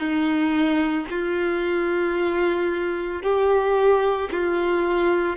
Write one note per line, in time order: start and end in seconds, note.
0.00 1.07 D#4
1.10 3.22 F4
3.22 4.30 G4
4.32 5.37 F4